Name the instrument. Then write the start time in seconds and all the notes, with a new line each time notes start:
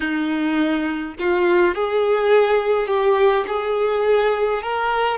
violin
0.00 D#4
1.19 F4
1.75 G#4
2.87 G4
3.47 G#4
4.62 A#4